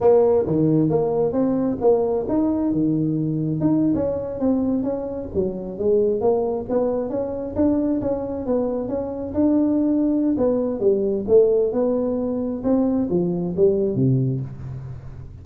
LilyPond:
\new Staff \with { instrumentName = "tuba" } { \time 4/4 \tempo 4 = 133 ais4 dis4 ais4 c'4 | ais4 dis'4 dis2 | dis'8. cis'4 c'4 cis'4 fis16~ | fis8. gis4 ais4 b4 cis'16~ |
cis'8. d'4 cis'4 b4 cis'16~ | cis'8. d'2~ d'16 b4 | g4 a4 b2 | c'4 f4 g4 c4 | }